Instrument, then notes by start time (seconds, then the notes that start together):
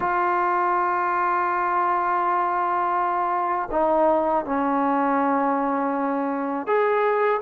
trombone
0.00 F4
3.71 D#4
4.45 C#4
6.67 G#4